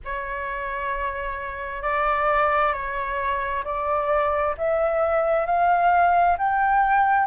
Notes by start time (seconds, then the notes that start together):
0.05 C#5
1.82 D5
2.72 C#5
3.64 D5
4.57 E5
5.45 F5
6.38 G5